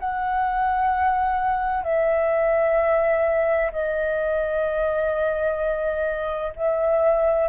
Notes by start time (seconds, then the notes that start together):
0.00 F#5
1.84 E5
3.72 D#5
6.56 E5